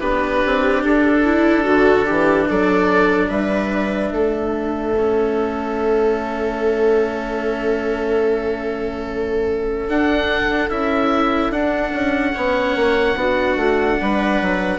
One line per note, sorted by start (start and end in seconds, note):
0.00 0.43 B3
0.00 4.94 D4
0.00 1.23 G4
0.00 0.83 B4
0.46 0.84 C4
0.84 1.66 D4
0.84 2.49 A4
1.25 1.64 E4
1.64 2.09 D3
1.64 2.05 F#4
2.05 2.50 E3
2.05 2.47 G4
2.48 3.30 F#3
2.48 3.29 A4
2.48 3.30 D5
3.29 4.11 G3
3.29 4.11 B4
3.29 9.88 E5
4.11 9.86 A3
4.11 12.35 A4
4.98 9.89 C#4
9.89 10.70 D4
9.89 10.71 D4
9.89 10.70 F#5
10.70 11.50 C#4
10.70 11.52 E4
10.70 11.52 E5
11.50 11.91 D4
11.50 12.33 D4
11.50 14.79 F#5
11.93 12.34 C#4
12.33 12.76 B3
12.33 13.15 C#4
12.33 13.17 C#5
12.76 13.16 A#3
13.16 13.56 B3
13.16 14.79 D4
13.16 13.99 F#4
13.56 13.97 A3
14.01 14.42 G3
14.01 14.79 B4
14.42 14.79 F#3